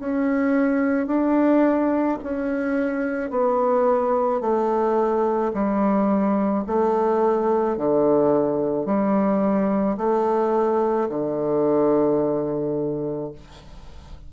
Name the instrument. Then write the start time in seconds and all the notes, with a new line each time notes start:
bassoon
0.00 C#4
1.07 D4
2.24 C#4
3.31 B3
4.41 A3
5.54 G3
6.67 A3
7.78 D3
8.86 G3
9.97 A3
11.10 D3